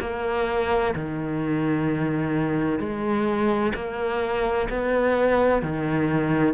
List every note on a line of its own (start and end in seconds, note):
0.00 0.94 A#3
0.95 2.79 D#3
2.79 3.72 G#3
3.75 4.68 A#3
4.69 5.62 B3
5.62 6.54 D#3